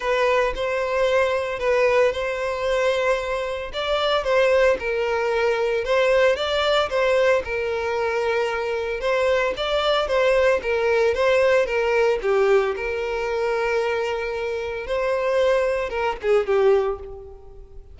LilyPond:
\new Staff \with { instrumentName = "violin" } { \time 4/4 \tempo 4 = 113 b'4 c''2 b'4 | c''2. d''4 | c''4 ais'2 c''4 | d''4 c''4 ais'2~ |
ais'4 c''4 d''4 c''4 | ais'4 c''4 ais'4 g'4 | ais'1 | c''2 ais'8 gis'8 g'4 | }